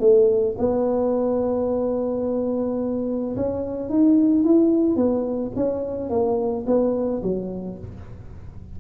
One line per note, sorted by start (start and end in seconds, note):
0.00 0.56 A3
0.58 3.36 B3
3.36 3.89 C#4
3.89 4.44 D#4
4.44 4.96 E4
4.96 5.52 B3
5.56 6.10 C#4
6.10 6.65 A#3
6.66 7.22 B3
7.23 7.78 F#3